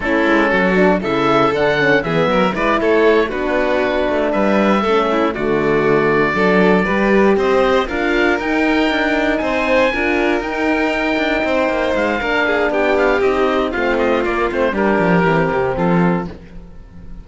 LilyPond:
<<
  \new Staff \with { instrumentName = "oboe" } { \time 4/4 \tempo 4 = 118 a'2 e''4 fis''4 | e''4 d''8 cis''4 b'4.~ | b'8 e''2 d''4.~ | d''2~ d''8 dis''4 f''8~ |
f''8 g''2 gis''4.~ | gis''8 g''2. f''8~ | f''4 g''8 f''8 dis''4 f''8 dis''8 | d''8 c''8 ais'2 a'4 | }
  \new Staff \with { instrumentName = "violin" } { \time 4/4 e'4 fis'4 a'2 | gis'8 ais'8 b'8 a'4 fis'4.~ | fis'8 b'4 a'8 e'8 fis'4.~ | fis'8 a'4 b'4 c''4 ais'8~ |
ais'2~ ais'8 c''4 ais'8~ | ais'2~ ais'8 c''4. | ais'8 gis'8 g'2 f'4~ | f'4 g'2 f'4 | }
  \new Staff \with { instrumentName = "horn" } { \time 4/4 cis'4. d'8 e'4 d'8 cis'8 | b4 e'4. d'4.~ | d'4. cis'4 a4.~ | a8 d'4 g'2 f'8~ |
f'8 dis'2. f'8~ | f'8 dis'2.~ dis'8 | d'2 dis'4 c'4 | ais8 c'8 d'4 c'2 | }
  \new Staff \with { instrumentName = "cello" } { \time 4/4 a8 gis8 fis4 cis4 d4 | e8 fis8 gis8 a4 b4. | a8 g4 a4 d4.~ | d8 fis4 g4 c'4 d'8~ |
d'8 dis'4 d'4 c'4 d'8~ | d'8 dis'4. d'8 c'8 ais8 gis8 | ais4 b4 c'4 a4 | ais8 a8 g8 f8 e8 c8 f4 | }
>>